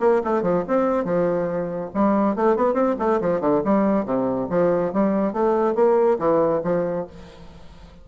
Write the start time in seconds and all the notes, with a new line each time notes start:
0.00 A#3
0.24 A3
0.42 F3
0.67 C4
1.04 F3
1.94 G3
2.35 A3
2.56 B3
2.74 C4
2.99 A3
3.21 F3
3.40 D3
3.64 G3
4.05 C3
4.50 F3
4.93 G3
5.33 A3
5.75 A#3
6.19 E3
6.64 F3